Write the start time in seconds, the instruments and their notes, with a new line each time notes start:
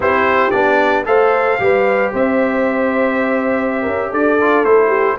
0.00 tuba C4, trombone E4, horn G4, trumpet C5
0.51 tuba B3, trombone D4, trumpet D5
1.05 tuba A3, trombone A4, horn C5, trumpet F5
1.59 tuba G3, trombone G4, horn B4
2.12 tuba C4, horn C5, trumpet E5
3.82 tuba C#4, horn A#4
4.10 tuba D4, horn A4, trumpet D5
4.40 trombone F4
4.64 tuba A3, trombone E4, trumpet C5
4.88 horn G4